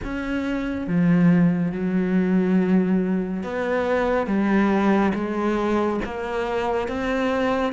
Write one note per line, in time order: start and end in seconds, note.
0.04 0.86 C#4
0.86 1.72 F3
1.72 3.43 F#3
3.43 4.26 B3
4.26 5.12 G3
5.14 6.00 G#3
6.04 6.88 A#3
6.88 7.73 C4